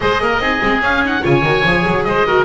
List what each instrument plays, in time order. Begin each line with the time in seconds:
0.00 double bass G#3, viola G#4, oboe C5 D#5
0.21 double bass A#3, oboe A#4
0.39 double bass C4, viola D#4, oboe G#4
0.60 double bass G#3, viola C4
0.81 double bass C#4, viola C#4, oboe F5
1.04 viola D#4, oboe F#5
1.21 double bass C#3, viola F4, oboe C#5 G#5
1.42 double bass D#3, viola F#4
1.64 double bass F3, viola G#4
1.86 double bass F#3
2.04 double bass G#3, oboe C5 D#5
2.26 viola F#4, oboe A#4